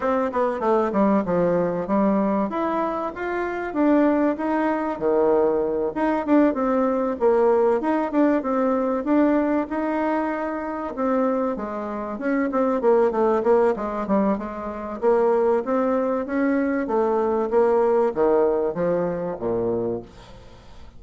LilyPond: \new Staff \with { instrumentName = "bassoon" } { \time 4/4 \tempo 4 = 96 c'8 b8 a8 g8 f4 g4 | e'4 f'4 d'4 dis'4 | dis4. dis'8 d'8 c'4 ais8~ | ais8 dis'8 d'8 c'4 d'4 dis'8~ |
dis'4. c'4 gis4 cis'8 | c'8 ais8 a8 ais8 gis8 g8 gis4 | ais4 c'4 cis'4 a4 | ais4 dis4 f4 ais,4 | }